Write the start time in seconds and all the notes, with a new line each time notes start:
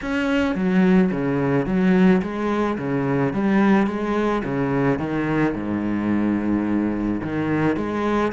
0.02 C#4
0.55 F#3
1.11 C#3
1.66 F#3
2.21 G#3
2.78 C#3
3.33 G3
3.86 G#3
4.44 C#3
4.98 D#3
5.54 G#2
7.22 D#3
7.76 G#3